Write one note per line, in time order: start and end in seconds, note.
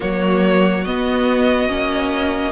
0.00 0.86 F#3
0.00 0.84 A#3
0.00 2.51 F#4
0.00 0.84 C#5
0.84 1.68 B3
0.84 1.69 B3
0.84 2.52 D#5
1.68 2.52 A#3
1.68 2.52 C#4